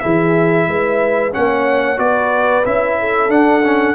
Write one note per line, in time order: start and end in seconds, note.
0.00 0.68 E3
0.00 1.32 E4
0.00 0.68 G#4
0.00 1.32 E5
0.68 1.34 G#3
0.68 1.35 B4
1.32 1.98 A#3
1.32 1.97 C#4
1.32 2.01 C#5
1.32 1.99 F#5
1.97 2.64 B3
1.97 2.63 F#4
1.97 2.99 B4
1.97 2.65 D5
2.66 3.29 C#4
2.66 3.30 E4
2.66 3.31 E5
2.99 3.95 A4
3.29 3.95 D4
3.29 3.63 D4
3.29 3.95 F#5
3.65 3.95 C#4